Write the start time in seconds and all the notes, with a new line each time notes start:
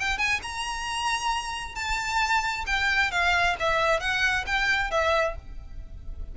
0.00 G5
0.18 G#5
0.43 A#5
1.75 A5
2.67 G5
3.11 F5
3.60 E5
4.00 F#5
4.47 G5
4.91 E5